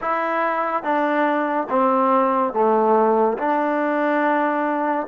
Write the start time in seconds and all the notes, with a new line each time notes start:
0.01 E4
0.83 D4
1.69 C4
2.53 A3
3.38 D4